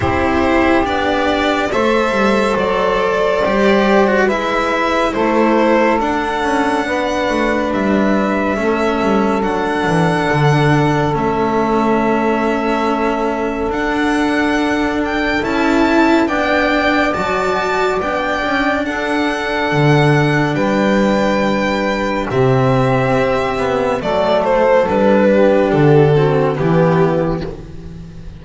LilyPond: <<
  \new Staff \with { instrumentName = "violin" } { \time 4/4 \tempo 4 = 70 c''4 d''4 e''4 d''4~ | d''4 e''4 c''4 fis''4~ | fis''4 e''2 fis''4~ | fis''4 e''2. |
fis''4. g''8 a''4 g''4 | a''4 g''4 fis''2 | g''2 e''2 | d''8 c''8 b'4 a'4 g'4 | }
  \new Staff \with { instrumentName = "saxophone" } { \time 4/4 g'2 c''2~ | c''4 b'4 a'2 | b'2 a'2~ | a'1~ |
a'2. d''4~ | d''2 a'2 | b'2 g'2 | a'4. g'4 fis'8 e'4 | }
  \new Staff \with { instrumentName = "cello" } { \time 4/4 e'4 d'4 a'2 | g'8. fis'16 e'2 d'4~ | d'2 cis'4 d'4~ | d'4 cis'2. |
d'2 e'4 d'4 | fis'4 d'2.~ | d'2 c'4. b8 | a4 d'4. c'8 b4 | }
  \new Staff \with { instrumentName = "double bass" } { \time 4/4 c'4 b4 a8 g8 fis4 | g4 gis4 a4 d'8 cis'8 | b8 a8 g4 a8 g8 fis8 e8 | d4 a2. |
d'2 cis'4 b4 | fis4 b8 cis'8 d'4 d4 | g2 c4 c'4 | fis4 g4 d4 e4 | }
>>